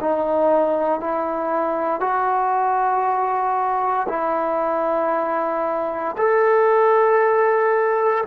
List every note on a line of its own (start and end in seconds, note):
0.00 1.00 D#4
1.00 2.00 E4
2.00 4.07 F#4
4.09 6.16 E4
6.17 8.24 A4